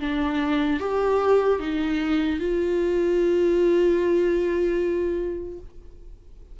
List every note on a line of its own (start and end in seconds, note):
0.00 0.80 D4
0.80 1.60 G4
1.60 2.40 D#4
2.40 5.60 F4